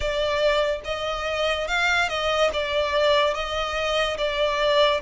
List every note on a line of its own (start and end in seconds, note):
0.00 0.80 D5
0.84 1.67 D#5
1.67 2.08 F5
2.08 2.50 D#5
2.53 3.33 D5
3.33 4.17 D#5
4.17 5.00 D5